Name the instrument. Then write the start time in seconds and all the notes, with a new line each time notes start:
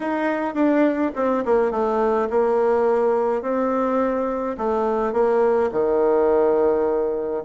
bassoon
0.00 D#4
0.54 D4
1.15 C4
1.45 A#3
1.71 A3
2.30 A#3
3.42 C4
4.57 A3
5.12 A#3
5.72 D#3